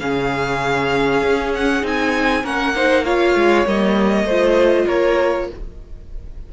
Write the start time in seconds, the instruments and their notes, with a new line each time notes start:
0.00 cello C#3, viola C#4, violin G#4 F5
1.22 cello C#4
1.55 violin F#5
1.82 cello C4, viola D#4, violin G#5
2.43 cello A#3, viola C#4, violin A#4 F#5
2.76 viola D#4, violin C5
3.04 viola F4, violin C#5 F5
3.35 cello G#3
3.66 cello G3, viola A#3, violin D#5
4.24 cello A3, violin C5
4.31 viola F4
4.86 cello A#3, violin A#4 C#5